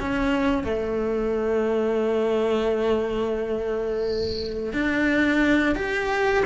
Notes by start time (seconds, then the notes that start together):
0.00 C#4
0.64 A3
4.73 D4
5.76 G4